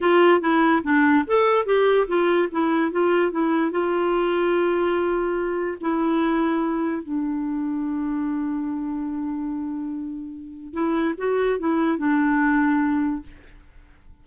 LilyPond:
\new Staff \with { instrumentName = "clarinet" } { \time 4/4 \tempo 4 = 145 f'4 e'4 d'4 a'4 | g'4 f'4 e'4 f'4 | e'4 f'2.~ | f'2 e'2~ |
e'4 d'2.~ | d'1~ | d'2 e'4 fis'4 | e'4 d'2. | }